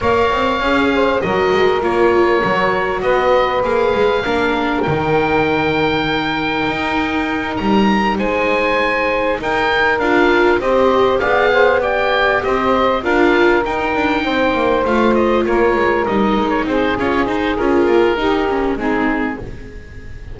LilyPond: <<
  \new Staff \with { instrumentName = "oboe" } { \time 4/4 \tempo 4 = 99 f''2 dis''4 cis''4~ | cis''4 dis''4 f''2 | g''1~ | g''8 ais''4 gis''2 g''8~ |
g''8 f''4 dis''4 f''4 g''8~ | g''8 dis''4 f''4 g''4.~ | g''8 f''8 dis''8 cis''4 dis''8. cis''16 c''8 | cis''8 c''8 ais'2 gis'4 | }
  \new Staff \with { instrumentName = "saxophone" } { \time 4/4 cis''4. c''8 ais'2~ | ais'4 b'2 ais'4~ | ais'1~ | ais'4. c''2 ais'8~ |
ais'4. c''4 d''8 c''8 d''8~ | d''8 c''4 ais'2 c''8~ | c''4. ais'2 gis'8~ | gis'2 g'4 dis'4 | }
  \new Staff \with { instrumentName = "viola" } { \time 4/4 ais'4 gis'4 fis'4 f'4 | fis'2 gis'4 d'4 | dis'1~ | dis'1~ |
dis'8 f'4 g'4 gis'4 g'8~ | g'4. f'4 dis'4.~ | dis'8 f'2 dis'4. | cis'8 dis'8 f'4 dis'8 cis'8 c'4 | }
  \new Staff \with { instrumentName = "double bass" } { \time 4/4 ais8 c'8 cis'4 fis8 gis8 ais4 | fis4 b4 ais8 gis8 ais4 | dis2. dis'4~ | dis'8 g4 gis2 dis'8~ |
dis'8 d'4 c'4 b4.~ | b8 c'4 d'4 dis'8 d'8 c'8 | ais8 a4 ais8 gis8 g8 gis8 c'8 | f'8 dis'8 cis'8 ais8 dis'4 gis4 | }
>>